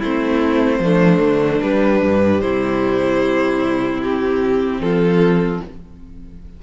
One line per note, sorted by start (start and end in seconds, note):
0.00 0.80 A3
0.00 0.84 C4
0.00 0.80 E4
0.00 1.62 C5
0.80 1.20 F3
0.80 1.63 A3
0.80 2.42 D4
1.21 1.61 D3
1.62 4.03 G3
1.62 2.02 G3
1.62 2.41 B4
2.02 2.43 G2
2.41 4.80 C3
2.41 4.82 E4
2.41 4.01 C5
4.03 5.63 C4
4.03 4.82 G4
4.80 5.60 F3
4.80 5.63 F4
4.80 5.62 A4